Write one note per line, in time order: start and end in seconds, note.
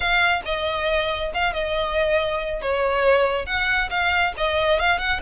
0.00 0.41 F5
0.45 1.32 D#5
1.34 1.53 F5
1.53 2.61 D#5
2.61 3.46 C#5
3.46 3.89 F#5
3.89 4.33 F5
4.37 4.79 D#5
4.79 4.98 F5
4.98 5.20 F#5